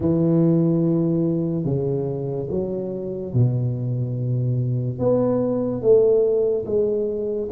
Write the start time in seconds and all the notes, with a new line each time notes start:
0.00 E3
1.64 C#3
2.50 F#3
3.33 B2
4.98 B3
5.81 A3
6.65 G#3